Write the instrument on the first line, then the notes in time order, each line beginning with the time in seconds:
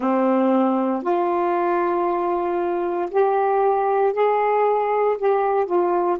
saxophone
0.00 C4
1.02 F4
3.10 G4
4.13 G#4
5.17 G4
5.66 F4